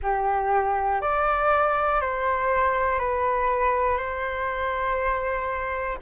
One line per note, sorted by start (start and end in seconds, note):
0.02 1.01 G4
1.01 2.00 D5
2.00 2.99 C5
2.99 3.97 B4
3.97 5.97 C5